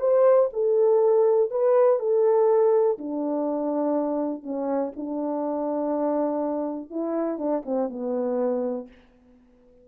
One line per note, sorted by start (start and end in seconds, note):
0.00 0.49 C5
0.53 1.50 A4
1.50 1.99 B4
1.99 2.97 A4
2.98 4.43 D4
4.43 4.92 C#4
4.96 6.90 D4
6.90 7.38 E4
7.38 7.63 D4
7.65 7.89 C4
7.89 8.87 B3